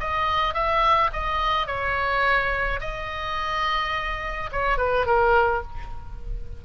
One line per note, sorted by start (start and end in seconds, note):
0.00 0.54 D#5
0.54 1.11 E5
1.13 1.67 D#5
1.67 2.80 C#5
2.80 4.50 D#5
4.52 4.78 C#5
4.78 5.06 B4
5.06 5.62 A#4